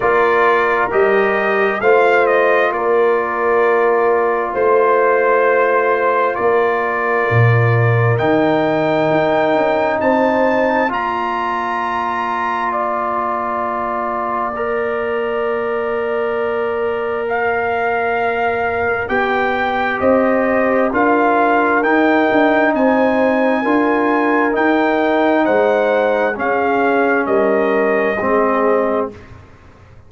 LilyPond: <<
  \new Staff \with { instrumentName = "trumpet" } { \time 4/4 \tempo 4 = 66 d''4 dis''4 f''8 dis''8 d''4~ | d''4 c''2 d''4~ | d''4 g''2 a''4 | ais''2 d''2~ |
d''2. f''4~ | f''4 g''4 dis''4 f''4 | g''4 gis''2 g''4 | fis''4 f''4 dis''2 | }
  \new Staff \with { instrumentName = "horn" } { \time 4/4 ais'2 c''4 ais'4~ | ais'4 c''2 ais'4~ | ais'2. c''4 | d''1~ |
d''1~ | d''2 c''4 ais'4~ | ais'4 c''4 ais'2 | c''4 gis'4 ais'4 gis'4 | }
  \new Staff \with { instrumentName = "trombone" } { \time 4/4 f'4 g'4 f'2~ | f'1~ | f'4 dis'2. | f'1 |
ais'1~ | ais'4 g'2 f'4 | dis'2 f'4 dis'4~ | dis'4 cis'2 c'4 | }
  \new Staff \with { instrumentName = "tuba" } { \time 4/4 ais4 g4 a4 ais4~ | ais4 a2 ais4 | ais,4 dis4 dis'8 cis'8 c'4 | ais1~ |
ais1~ | ais4 b4 c'4 d'4 | dis'8 d'8 c'4 d'4 dis'4 | gis4 cis'4 g4 gis4 | }
>>